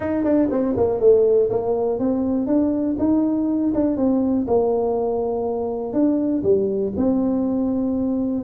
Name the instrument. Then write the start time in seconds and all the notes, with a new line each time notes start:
tuba
0.00 D#4
0.23 D4
0.50 C4
0.76 A#3
0.99 A3
1.50 A#3
1.99 C4
2.46 D4
2.98 D#4
3.74 D4
3.96 C4
4.47 A#3
5.93 D4
6.43 G3
6.97 C4